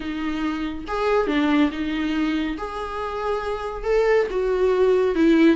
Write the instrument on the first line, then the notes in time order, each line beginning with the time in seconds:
viola
0.00 D#4
0.87 G#4
1.27 D4
1.71 D#4
2.57 G#4
3.84 A4
4.30 F#4
5.15 E4